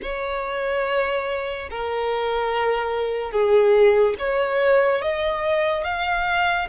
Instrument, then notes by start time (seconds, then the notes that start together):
violin
0.02 C#5
1.70 A#4
3.31 G#4
4.19 C#5
5.01 D#5
5.84 F5